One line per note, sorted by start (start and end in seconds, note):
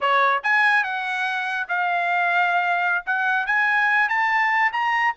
0.00 0.42 C#5
0.43 0.83 G#5
0.83 1.67 F#5
1.68 3.04 F5
3.06 3.46 F#5
3.46 4.09 G#5
4.09 4.71 A5
4.72 5.14 A#5